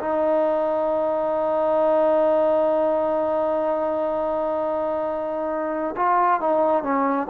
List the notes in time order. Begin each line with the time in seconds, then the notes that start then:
0.00 D#4
5.97 F4
6.41 D#4
6.83 C#4